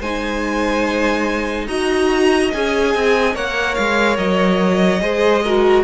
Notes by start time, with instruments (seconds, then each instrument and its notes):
0.00 cello G#3, viola D#4, violin C5 G#5
1.68 cello D#4, viola F#4, violin D#5 A#5
2.53 cello C#4, viola G#4, violin G#5
2.95 cello C4
3.33 cello A#3, viola A#4, violin C#5 F#5
3.75 cello G#3, violin F5
4.17 cello F#3, violin D#5
5.01 cello G#3, viola G#4, violin C5
5.44 viola F#4, violin A#4